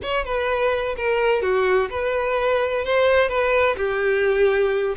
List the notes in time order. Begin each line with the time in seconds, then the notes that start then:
0.02 C#5
0.24 B4
0.96 A#4
1.42 F#4
1.90 B4
2.84 C5
3.28 B4
3.77 G4